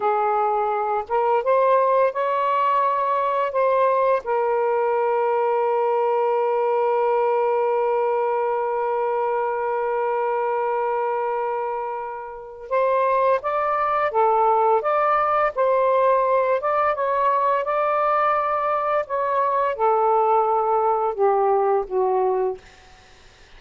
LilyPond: \new Staff \with { instrumentName = "saxophone" } { \time 4/4 \tempo 4 = 85 gis'4. ais'8 c''4 cis''4~ | cis''4 c''4 ais'2~ | ais'1~ | ais'1~ |
ais'2 c''4 d''4 | a'4 d''4 c''4. d''8 | cis''4 d''2 cis''4 | a'2 g'4 fis'4 | }